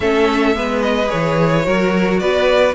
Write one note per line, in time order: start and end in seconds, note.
0.00 0.55 A3
0.00 0.54 C#4
0.00 0.56 A4
0.00 0.82 E5
0.54 1.10 G#3
0.54 1.06 B3
0.54 1.65 B4
0.82 1.09 D#5
1.06 1.61 G#4
1.06 2.19 C#5
1.13 1.66 E3
1.63 2.20 F#3
1.63 2.73 F#4
1.63 2.20 A#4
2.19 2.74 B3
2.19 2.74 B4
2.19 2.74 D5